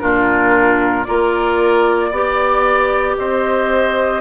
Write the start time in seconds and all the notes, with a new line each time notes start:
0.00 A#2 D4 F4 A#4
1.04 A#3 F4 A#4 D5
2.11 B3 G4 D5
3.18 C4 C5 D#5